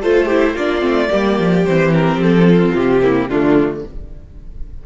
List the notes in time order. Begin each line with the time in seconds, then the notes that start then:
0.00 A3 F4 A4 C5
0.25 E4 G4
0.54 A#3 D4 F4 D5
0.79 A3 C4
1.10 G3 A#3 G4
1.38 F3
1.65 E3 C4 C5
1.94 A#4
2.15 F3
2.22 A4
2.48 F4
2.74 C3 G4
3.01 A#3 E4
3.28 D3 A3 D4 F4